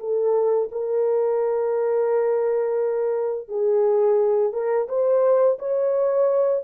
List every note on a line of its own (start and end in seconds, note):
0.00 0.70 A4
0.72 3.49 A#4
3.49 4.53 G#4
4.53 4.88 A#4
4.89 5.58 C5
5.59 6.64 C#5